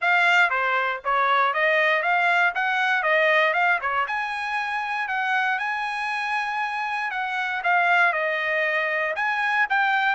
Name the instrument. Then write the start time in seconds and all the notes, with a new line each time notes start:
trumpet
0.01 F5
0.49 C5
1.04 C#5
1.53 D#5
2.02 F5
2.54 F#5
3.03 D#5
3.53 F5
3.81 C#5
4.07 G#5
5.08 F#5
5.59 G#5
7.10 F#5
7.63 F5
8.12 D#5
9.15 G#5
9.69 G5